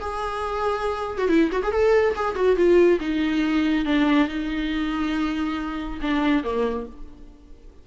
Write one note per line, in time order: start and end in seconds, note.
0.00 1.18 G#4
1.18 1.28 F#4
1.28 1.50 E4
1.52 1.62 F#4
1.62 1.71 G#4
1.71 2.14 A4
2.15 2.35 G#4
2.35 2.56 F#4
2.56 2.99 F4
3.00 3.85 D#4
3.85 4.28 D4
4.28 5.99 D#4
6.01 6.43 D4
6.43 6.86 A#3